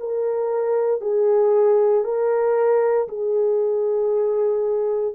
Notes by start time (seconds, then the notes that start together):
0.00 A#4
1.02 G#4
2.05 A#4
3.08 G#4